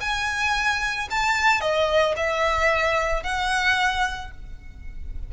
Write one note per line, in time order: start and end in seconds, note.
0.00 1.08 G#5
1.10 1.61 A5
1.61 2.15 D#5
2.16 3.23 E5
3.23 4.31 F#5